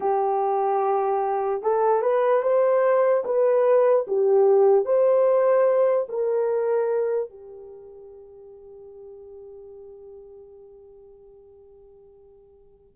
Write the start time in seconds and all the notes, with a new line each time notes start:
0.00 G4
1.62 A4
2.02 B4
2.42 C5
3.24 B4
4.07 G4
4.85 C5
6.08 A#4
7.29 G4